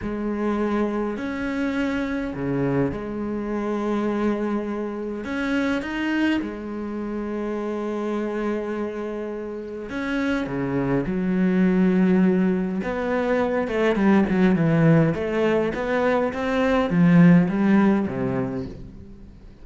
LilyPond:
\new Staff \with { instrumentName = "cello" } { \time 4/4 \tempo 4 = 103 gis2 cis'2 | cis4 gis2.~ | gis4 cis'4 dis'4 gis4~ | gis1~ |
gis4 cis'4 cis4 fis4~ | fis2 b4. a8 | g8 fis8 e4 a4 b4 | c'4 f4 g4 c4 | }